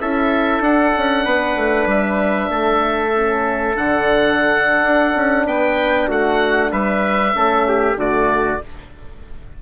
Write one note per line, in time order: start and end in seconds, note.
0.00 0.60 C#4
0.00 0.63 E4
0.00 1.25 A4
0.00 0.62 E5
0.60 0.91 D4
0.60 3.13 D4
0.60 1.88 F#5
0.97 1.26 C#4
1.25 1.56 B3
1.25 2.50 B4
1.56 1.86 A3
1.86 2.48 G3
1.86 3.77 E5
2.50 3.75 A3
2.50 5.46 A4
3.15 3.76 C#4
3.76 4.83 D3
3.76 7.33 D4
3.76 5.47 F#5
4.83 5.14 D4
5.15 5.46 C#4
5.46 6.08 B3
5.46 6.08 B4
5.46 6.09 G5
6.08 6.71 A3
6.08 6.71 F#4
6.08 6.72 F#5
6.72 7.34 G3
6.72 7.34 B4
6.72 7.97 E5
7.33 7.95 A3
7.33 7.96 C#4
7.33 7.67 A4
7.68 7.99 G4
7.95 8.58 D3
7.95 8.60 A3
7.95 8.62 F#4
7.95 8.62 D5